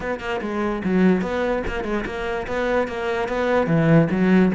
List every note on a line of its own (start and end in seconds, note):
0.00 0.20 B3
0.20 0.40 A#3
0.41 0.82 G#3
0.84 1.21 F#3
1.21 1.62 B3
1.67 1.83 A#3
1.83 2.04 G#3
2.05 2.46 A#3
2.47 2.87 B3
2.87 3.28 A#3
3.28 3.66 B3
3.66 4.07 E3
4.11 4.52 F#3